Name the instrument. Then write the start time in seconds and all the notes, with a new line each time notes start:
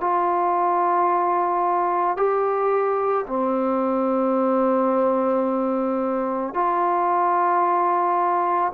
trombone
0.00 F4
2.16 G4
3.27 C4
6.54 F4